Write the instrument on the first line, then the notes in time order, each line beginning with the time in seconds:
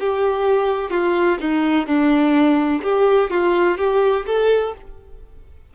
violin
0.00 G4
0.91 F4
1.41 D#4
1.87 D4
2.83 G4
3.31 F4
3.78 G4
4.27 A4